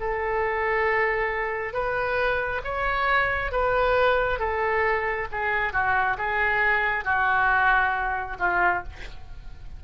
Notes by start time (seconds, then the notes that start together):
0.00 A4
1.73 B4
2.64 C#5
3.51 B4
4.39 A4
5.31 G#4
5.73 F#4
6.17 G#4
7.05 F#4
8.39 F4